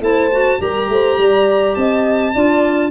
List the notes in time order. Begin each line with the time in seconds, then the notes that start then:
0.00 A3 E4 C5 A5
0.31 F#4
0.59 G3 G4 A#4 A#5
0.88 A3 C5
1.18 G3 D5
1.75 C4 D#5 A5
2.34 D4 F4 D5